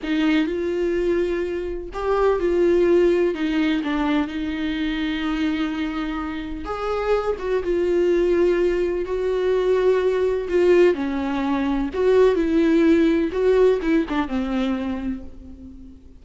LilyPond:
\new Staff \with { instrumentName = "viola" } { \time 4/4 \tempo 4 = 126 dis'4 f'2. | g'4 f'2 dis'4 | d'4 dis'2.~ | dis'2 gis'4. fis'8 |
f'2. fis'4~ | fis'2 f'4 cis'4~ | cis'4 fis'4 e'2 | fis'4 e'8 d'8 c'2 | }